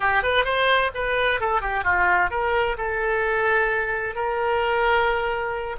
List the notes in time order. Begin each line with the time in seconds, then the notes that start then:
0.00 G4
0.22 B4
0.44 C5
0.94 B4
1.40 A4
1.61 G4
1.84 F4
2.30 A#4
2.77 A4
4.15 A#4